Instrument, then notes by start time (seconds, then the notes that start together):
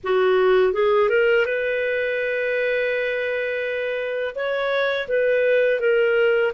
clarinet
0.03 F#4
0.73 G#4
1.09 A#4
1.45 B4
4.35 C#5
5.08 B4
5.80 A#4